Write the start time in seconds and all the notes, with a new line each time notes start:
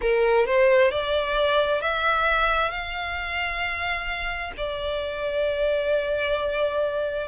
0.01 A#4
0.45 C5
0.91 D5
1.81 E5
2.70 F5
4.57 D5